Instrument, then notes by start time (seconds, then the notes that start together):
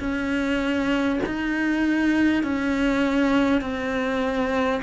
cello
0.00 C#4
1.26 D#4
2.43 C#4
3.62 C4